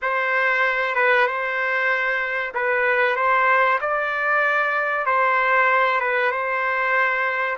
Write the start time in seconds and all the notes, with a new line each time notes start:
0.02 C5
0.95 B4
1.26 C5
2.54 B4
3.16 C5
3.80 D5
5.06 C5
6.00 B4
6.31 C5